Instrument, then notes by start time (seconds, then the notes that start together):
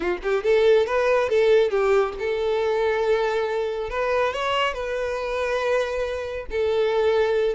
violin
0.00 F4
0.22 G4
0.43 A4
0.86 B4
1.29 A4
1.70 G4
2.19 A4
3.90 B4
4.33 C#5
4.73 B4
6.50 A4